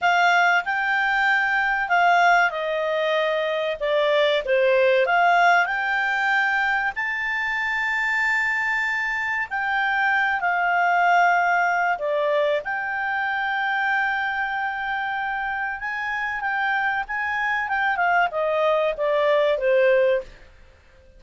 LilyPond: \new Staff \with { instrumentName = "clarinet" } { \time 4/4 \tempo 4 = 95 f''4 g''2 f''4 | dis''2 d''4 c''4 | f''4 g''2 a''4~ | a''2. g''4~ |
g''8 f''2~ f''8 d''4 | g''1~ | g''4 gis''4 g''4 gis''4 | g''8 f''8 dis''4 d''4 c''4 | }